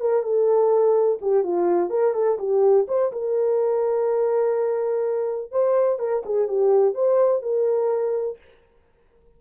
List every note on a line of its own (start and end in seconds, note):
0.00 0.22 A#4
0.22 1.18 A4
1.21 1.43 G4
1.43 1.90 F4
1.90 2.14 A#4
2.14 2.38 A4
2.39 2.87 G4
2.88 3.12 C5
3.12 5.51 A#4
5.51 5.99 C5
5.99 6.23 A#4
6.25 6.48 G#4
6.48 6.94 G4
6.94 7.42 C5
7.42 8.38 A#4